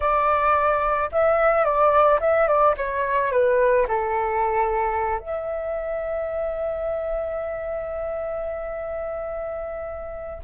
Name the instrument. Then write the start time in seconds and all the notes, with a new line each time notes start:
flute
0.00 D5
1.12 E5
1.64 D5
2.20 E5
2.47 D5
2.77 C#5
3.31 B4
3.88 A4
5.19 E5